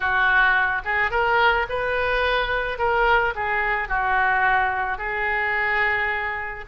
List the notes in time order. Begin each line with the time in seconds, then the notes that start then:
0.00 F#4
0.85 G#4
1.10 A#4
1.69 B4
2.78 A#4
3.35 G#4
3.88 F#4
4.98 G#4